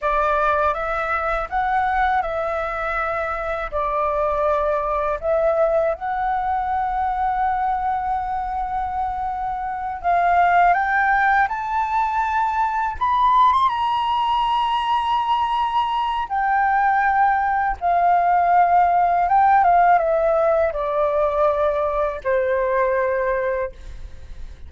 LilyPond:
\new Staff \with { instrumentName = "flute" } { \time 4/4 \tempo 4 = 81 d''4 e''4 fis''4 e''4~ | e''4 d''2 e''4 | fis''1~ | fis''4. f''4 g''4 a''8~ |
a''4. b''8. c'''16 ais''4.~ | ais''2 g''2 | f''2 g''8 f''8 e''4 | d''2 c''2 | }